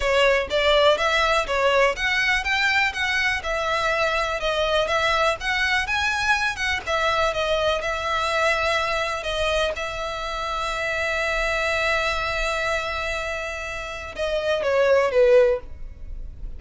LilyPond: \new Staff \with { instrumentName = "violin" } { \time 4/4 \tempo 4 = 123 cis''4 d''4 e''4 cis''4 | fis''4 g''4 fis''4 e''4~ | e''4 dis''4 e''4 fis''4 | gis''4. fis''8 e''4 dis''4 |
e''2. dis''4 | e''1~ | e''1~ | e''4 dis''4 cis''4 b'4 | }